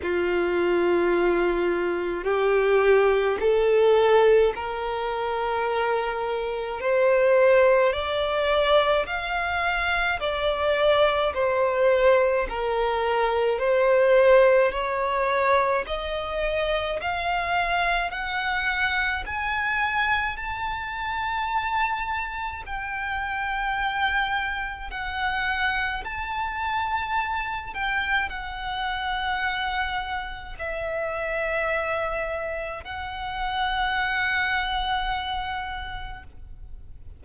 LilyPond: \new Staff \with { instrumentName = "violin" } { \time 4/4 \tempo 4 = 53 f'2 g'4 a'4 | ais'2 c''4 d''4 | f''4 d''4 c''4 ais'4 | c''4 cis''4 dis''4 f''4 |
fis''4 gis''4 a''2 | g''2 fis''4 a''4~ | a''8 g''8 fis''2 e''4~ | e''4 fis''2. | }